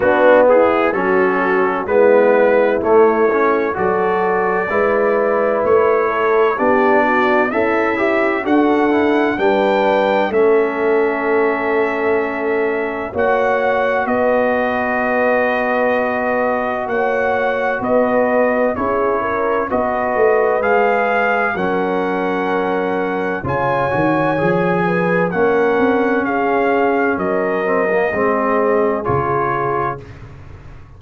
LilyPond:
<<
  \new Staff \with { instrumentName = "trumpet" } { \time 4/4 \tempo 4 = 64 fis'8 gis'8 a'4 b'4 cis''4 | d''2 cis''4 d''4 | e''4 fis''4 g''4 e''4~ | e''2 fis''4 dis''4~ |
dis''2 fis''4 dis''4 | cis''4 dis''4 f''4 fis''4~ | fis''4 gis''2 fis''4 | f''4 dis''2 cis''4 | }
  \new Staff \with { instrumentName = "horn" } { \time 4/4 d'8 e'8 fis'4 e'2 | a'4 b'4. a'8 g'8 fis'8 | e'4 a'4 b'4 a'4~ | a'2 cis''4 b'4~ |
b'2 cis''4 b'4 | gis'8 ais'8 b'2 ais'4~ | ais'4 cis''4. b'8 ais'4 | gis'4 ais'4 gis'2 | }
  \new Staff \with { instrumentName = "trombone" } { \time 4/4 b4 cis'4 b4 a8 cis'8 | fis'4 e'2 d'4 | a'8 g'8 fis'8 e'8 d'4 cis'4~ | cis'2 fis'2~ |
fis'1 | e'4 fis'4 gis'4 cis'4~ | cis'4 f'8 fis'8 gis'4 cis'4~ | cis'4. c'16 ais16 c'4 f'4 | }
  \new Staff \with { instrumentName = "tuba" } { \time 4/4 b4 fis4 gis4 a4 | fis4 gis4 a4 b4 | cis'4 d'4 g4 a4~ | a2 ais4 b4~ |
b2 ais4 b4 | cis'4 b8 a8 gis4 fis4~ | fis4 cis8 dis8 f4 ais8 c'8 | cis'4 fis4 gis4 cis4 | }
>>